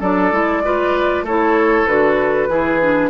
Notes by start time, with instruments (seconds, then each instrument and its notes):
0.00 bassoon F#3, clarinet D4, oboe A4, flute D5
0.32 bassoon G#3, clarinet E4
0.64 clarinet F4, oboe B4
1.22 bassoon A3, oboe A4, flute C#5
1.28 clarinet E4
1.87 bassoon D3, clarinet F#4, flute B4
2.48 bassoon E3, clarinet E4, oboe G#4
2.81 clarinet D4